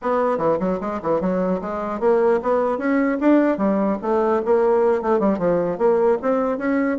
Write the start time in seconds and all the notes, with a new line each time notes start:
0.02 B3
0.37 E3
0.59 F#3
0.80 G#3
1.02 E3
1.20 F#3
1.61 G#3
1.99 A#3
2.42 B3
2.78 C#4
3.20 D4
3.57 G3
4.02 A3
4.45 A#3
5.01 A3
5.19 G3
5.38 F3
5.77 A#3
6.21 C4
6.57 C#4